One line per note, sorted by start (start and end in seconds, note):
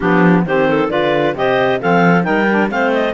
0.00 0.45 F3
0.00 0.46 B3
0.00 0.43 D4
0.00 0.44 G4
0.45 0.90 D#3
0.45 0.89 C4
0.45 0.68 G4
0.45 0.90 C5
0.68 0.91 A4
0.89 1.34 D3
0.89 1.34 F4
0.89 1.36 B4
0.89 1.35 D5
1.34 1.79 C3
1.34 1.79 G4
1.34 1.80 C5
1.34 1.81 D#5
1.80 2.27 F3
1.80 2.23 C4
1.80 2.24 A4
1.80 2.23 F5
2.23 2.71 G3
2.23 2.45 D#4
2.23 2.70 A#4
2.23 2.68 G5
2.50 2.69 D4
2.69 3.14 A3
2.69 3.14 C4
2.69 3.14 C5
2.69 2.93 F5
2.93 3.14 D#5